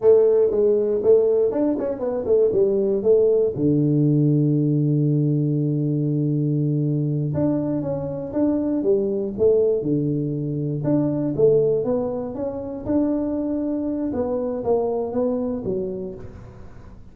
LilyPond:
\new Staff \with { instrumentName = "tuba" } { \time 4/4 \tempo 4 = 119 a4 gis4 a4 d'8 cis'8 | b8 a8 g4 a4 d4~ | d1~ | d2~ d8 d'4 cis'8~ |
cis'8 d'4 g4 a4 d8~ | d4. d'4 a4 b8~ | b8 cis'4 d'2~ d'8 | b4 ais4 b4 fis4 | }